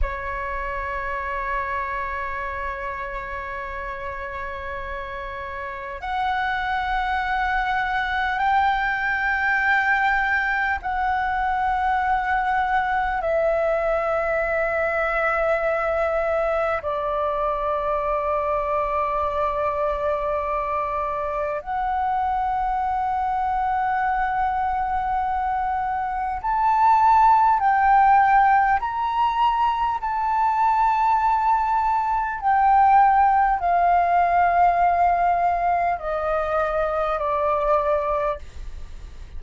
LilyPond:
\new Staff \with { instrumentName = "flute" } { \time 4/4 \tempo 4 = 50 cis''1~ | cis''4 fis''2 g''4~ | g''4 fis''2 e''4~ | e''2 d''2~ |
d''2 fis''2~ | fis''2 a''4 g''4 | ais''4 a''2 g''4 | f''2 dis''4 d''4 | }